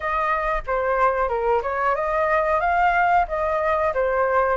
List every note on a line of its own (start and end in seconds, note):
0.00 0.62 D#5
0.67 1.28 C5
1.28 1.61 A#4
1.62 1.95 C#5
1.95 2.60 D#5
2.60 3.25 F5
3.28 3.93 D#5
3.94 4.57 C5